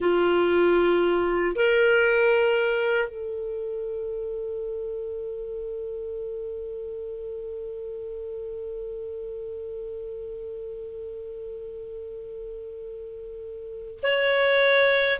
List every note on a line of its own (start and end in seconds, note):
0.00 1.55 F4
1.55 3.08 A#4
3.08 13.99 A4
14.02 15.19 C#5